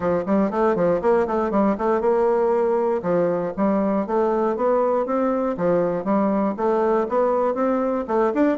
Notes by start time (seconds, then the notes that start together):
0.00 F3
0.26 G3
0.50 A3
0.75 F3
1.01 A#3
1.27 A3
1.51 G3
1.78 A3
2.00 A#3
3.02 F3
3.56 G3
4.06 A3
4.56 B3
5.06 C4
5.57 F3
6.04 G3
6.57 A3
7.08 B3
7.54 C4
8.07 A3
8.34 D4